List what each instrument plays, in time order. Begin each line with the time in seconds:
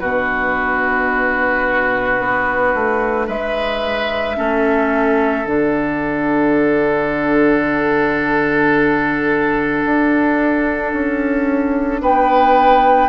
0.00 bassoon B2, clarinet D4, oboe F#4, flute B4
2.20 bassoon B3
2.75 bassoon A3
3.27 bassoon G#3, oboe B4, flute E5
4.37 bassoon A3, clarinet C#4, oboe A4
5.46 bassoon D3, clarinet D4, flute F#5
9.85 bassoon D4
10.93 bassoon C#4
12.02 bassoon B3, oboe B4, flute G5